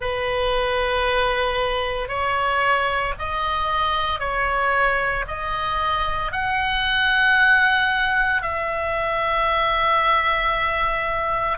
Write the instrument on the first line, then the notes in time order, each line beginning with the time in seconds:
oboe
0.00 B4
2.08 C#5
3.18 D#5
4.19 C#5
5.27 D#5
6.32 F#5
8.42 E5